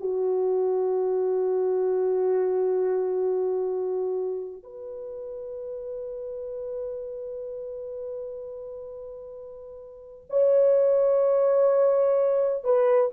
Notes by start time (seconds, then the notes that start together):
0.00 F#4
4.63 B4
10.30 C#5
12.64 B4